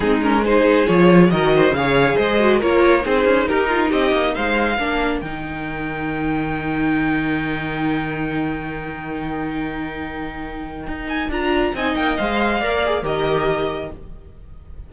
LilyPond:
<<
  \new Staff \with { instrumentName = "violin" } { \time 4/4 \tempo 4 = 138 gis'8 ais'8 c''4 cis''4 dis''4 | f''4 dis''4 cis''4 c''4 | ais'4 dis''4 f''2 | g''1~ |
g''1~ | g''1~ | g''4. gis''8 ais''4 gis''8 g''8 | f''2 dis''2 | }
  \new Staff \with { instrumentName = "violin" } { \time 4/4 dis'4 gis'2 ais'8 c''8 | cis''4 c''4 ais'4 gis'4 | g'8 f'8 g'4 c''4 ais'4~ | ais'1~ |
ais'1~ | ais'1~ | ais'2. dis''4~ | dis''4 d''4 ais'2 | }
  \new Staff \with { instrumentName = "viola" } { \time 4/4 c'8 cis'8 dis'4 f'4 fis'4 | gis'4. fis'8 f'4 dis'4~ | dis'2. d'4 | dis'1~ |
dis'1~ | dis'1~ | dis'2 f'4 dis'4 | c''4 ais'8 gis'8 g'2 | }
  \new Staff \with { instrumentName = "cello" } { \time 4/4 gis2 f4 dis4 | cis4 gis4 ais4 c'8 cis'8 | dis'4 c'8 ais8 gis4 ais4 | dis1~ |
dis1~ | dis1~ | dis4 dis'4 d'4 c'8 ais8 | gis4 ais4 dis2 | }
>>